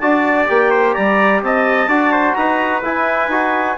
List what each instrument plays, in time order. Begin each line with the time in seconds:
0.00 bassoon D4, trombone F#4, trumpet D5, clarinet A5
0.47 bassoon A#3, trombone G4, clarinet G5
0.71 trumpet C5
0.94 bassoon G3, trumpet D5, clarinet A#5
1.43 bassoon C4, trumpet D#5, clarinet A5
1.88 bassoon D4, trombone F#4, trumpet D5
2.13 trumpet C5
2.34 bassoon D#4, trumpet B4, clarinet A#5
2.83 bassoon E4, trombone E4, clarinet G#5
3.29 bassoon D#4, trombone F#4